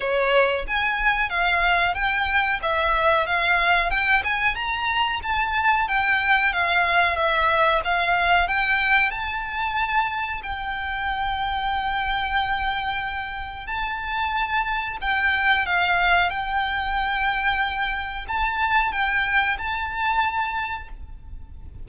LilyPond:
\new Staff \with { instrumentName = "violin" } { \time 4/4 \tempo 4 = 92 cis''4 gis''4 f''4 g''4 | e''4 f''4 g''8 gis''8 ais''4 | a''4 g''4 f''4 e''4 | f''4 g''4 a''2 |
g''1~ | g''4 a''2 g''4 | f''4 g''2. | a''4 g''4 a''2 | }